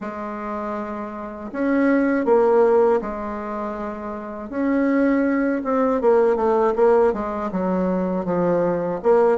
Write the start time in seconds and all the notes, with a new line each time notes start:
0.00 G#3
1.52 C#4
2.25 A#3
3.01 G#3
4.49 C#4
5.64 C4
6.01 A#3
6.36 A3
6.75 A#3
7.12 G#3
7.51 F#3
8.25 F3
9.02 A#3